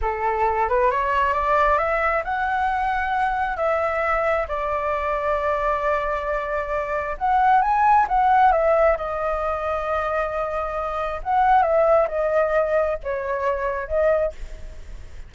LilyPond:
\new Staff \with { instrumentName = "flute" } { \time 4/4 \tempo 4 = 134 a'4. b'8 cis''4 d''4 | e''4 fis''2. | e''2 d''2~ | d''1 |
fis''4 gis''4 fis''4 e''4 | dis''1~ | dis''4 fis''4 e''4 dis''4~ | dis''4 cis''2 dis''4 | }